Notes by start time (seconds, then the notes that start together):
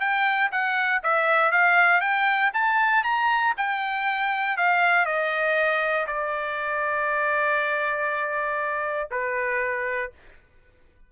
0.00 G5
0.52 F#5
1.03 E5
1.52 F5
2.01 G5
2.54 A5
3.04 A#5
3.57 G5
4.57 F5
5.05 D#5
6.07 D5
9.11 B4